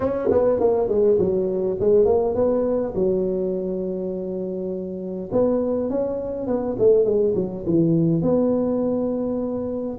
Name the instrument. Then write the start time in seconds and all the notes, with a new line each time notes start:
tuba
0.00 C#4
0.30 B3
0.60 A#3
0.88 G#3
1.18 F#3
1.79 G#3
2.05 A#3
2.34 B3
2.94 F#3
5.32 B3
5.90 C#4
6.47 B3
6.78 A3
7.04 G#3
7.35 F#3
7.66 E3
8.22 B3